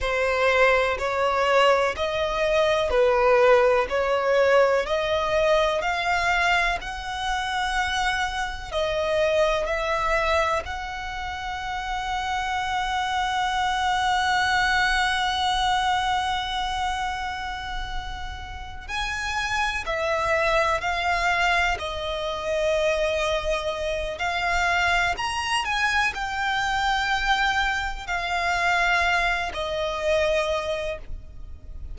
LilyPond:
\new Staff \with { instrumentName = "violin" } { \time 4/4 \tempo 4 = 62 c''4 cis''4 dis''4 b'4 | cis''4 dis''4 f''4 fis''4~ | fis''4 dis''4 e''4 fis''4~ | fis''1~ |
fis''2.~ fis''8 gis''8~ | gis''8 e''4 f''4 dis''4.~ | dis''4 f''4 ais''8 gis''8 g''4~ | g''4 f''4. dis''4. | }